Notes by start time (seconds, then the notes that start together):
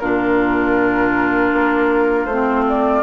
0.00 A#2 D4 F4 A#4
1.53 A#3
2.26 A3 C4 C5
2.69 D5